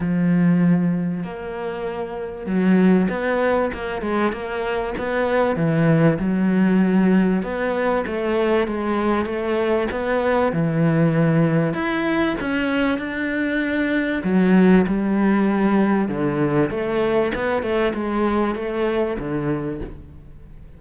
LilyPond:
\new Staff \with { instrumentName = "cello" } { \time 4/4 \tempo 4 = 97 f2 ais2 | fis4 b4 ais8 gis8 ais4 | b4 e4 fis2 | b4 a4 gis4 a4 |
b4 e2 e'4 | cis'4 d'2 fis4 | g2 d4 a4 | b8 a8 gis4 a4 d4 | }